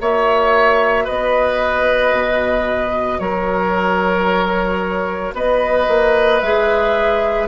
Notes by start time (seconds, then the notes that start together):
0.00 A#3 F#4 C#5 E5
1.04 B3 B4 D#5
2.13 B2
3.19 F#3 A#4 C#5
5.34 B3 B4 D#5
5.88 A#3
6.40 G#3 G#4 E5